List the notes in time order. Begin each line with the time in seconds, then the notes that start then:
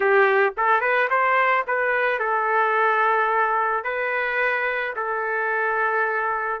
0.00 G4
0.57 A4
0.80 B4
1.10 C5
1.67 B4
2.19 A4
3.84 B4
4.95 A4